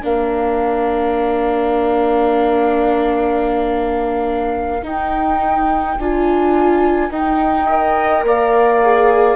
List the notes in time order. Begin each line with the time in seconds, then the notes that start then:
0.00 A#3 D4 A#4 F5
4.82 D#4 G5
5.98 D4 F4 G#5
7.09 D#4 G5
7.66 A#4 D#5
8.22 A#3 D5 F5
8.81 G#4